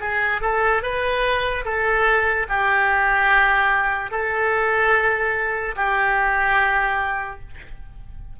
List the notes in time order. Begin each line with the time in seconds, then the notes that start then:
0.00 G#4
0.41 A4
0.82 B4
1.65 A4
2.49 G4
4.11 A4
5.76 G4